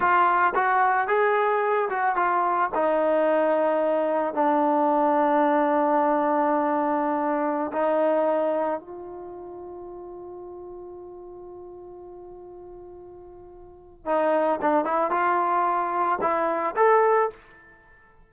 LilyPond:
\new Staff \with { instrumentName = "trombone" } { \time 4/4 \tempo 4 = 111 f'4 fis'4 gis'4. fis'8 | f'4 dis'2. | d'1~ | d'2~ d'16 dis'4.~ dis'16~ |
dis'16 f'2.~ f'8.~ | f'1~ | f'2 dis'4 d'8 e'8 | f'2 e'4 a'4 | }